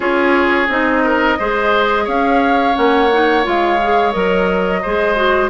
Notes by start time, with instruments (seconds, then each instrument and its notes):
0.00 bassoon C#4, clarinet F4, oboe G#4, flute C#5
0.68 bassoon C4, clarinet D#4, flute D#5
1.03 oboe A#4
1.39 bassoon G#3, clarinet G#4, oboe C5
2.04 bassoon C#4, oboe C#5, flute F5
2.74 bassoon A#3, clarinet C#4, flute F#5
3.12 clarinet D#4
3.43 bassoon G#3, clarinet F4, flute F5
3.82 clarinet G#4
4.12 bassoon F#3, clarinet A#4, flute D#5
4.81 bassoon G#3, clarinet G#4, oboe C5
5.15 clarinet F#4